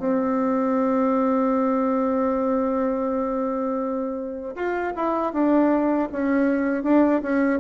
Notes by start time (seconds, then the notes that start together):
0.00 C4
4.56 F4
4.96 E4
5.33 D4
6.13 C#4
6.84 D4
7.23 C#4